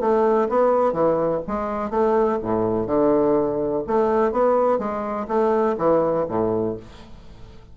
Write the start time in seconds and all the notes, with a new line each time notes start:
0.00 A3
0.49 B3
0.93 E3
1.47 G#3
1.90 A3
2.42 A2
2.86 D3
3.86 A3
4.32 B3
4.78 G#3
5.28 A3
5.77 E3
6.28 A2